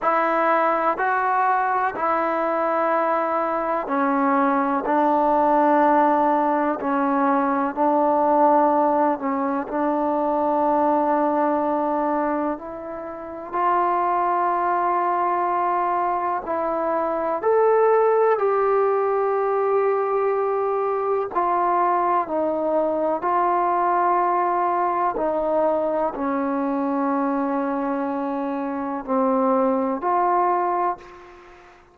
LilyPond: \new Staff \with { instrumentName = "trombone" } { \time 4/4 \tempo 4 = 62 e'4 fis'4 e'2 | cis'4 d'2 cis'4 | d'4. cis'8 d'2~ | d'4 e'4 f'2~ |
f'4 e'4 a'4 g'4~ | g'2 f'4 dis'4 | f'2 dis'4 cis'4~ | cis'2 c'4 f'4 | }